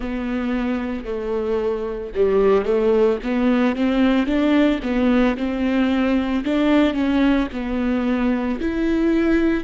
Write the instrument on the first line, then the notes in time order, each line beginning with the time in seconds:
viola
0.00 B3
1.05 A3
2.15 G3
2.65 A3
3.23 B3
3.75 C4
4.26 D4
4.83 B3
5.37 C4
6.44 D4
6.93 C#4
7.52 B3
8.60 E4